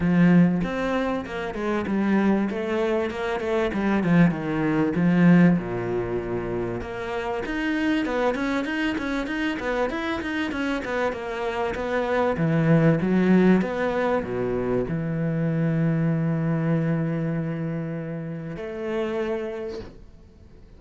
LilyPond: \new Staff \with { instrumentName = "cello" } { \time 4/4 \tempo 4 = 97 f4 c'4 ais8 gis8 g4 | a4 ais8 a8 g8 f8 dis4 | f4 ais,2 ais4 | dis'4 b8 cis'8 dis'8 cis'8 dis'8 b8 |
e'8 dis'8 cis'8 b8 ais4 b4 | e4 fis4 b4 b,4 | e1~ | e2 a2 | }